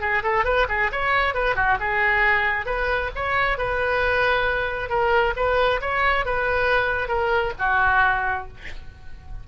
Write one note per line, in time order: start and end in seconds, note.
0.00 0.22 G#4
0.23 0.44 A4
0.44 0.66 B4
0.68 0.91 G#4
0.92 1.34 C#5
1.34 1.55 B4
1.55 1.77 F#4
1.80 2.66 G#4
2.66 3.10 B4
3.15 3.57 C#5
3.57 4.89 B4
4.89 5.33 A#4
5.36 5.80 B4
5.81 6.25 C#5
6.25 7.08 B4
7.08 7.52 A#4
7.58 8.47 F#4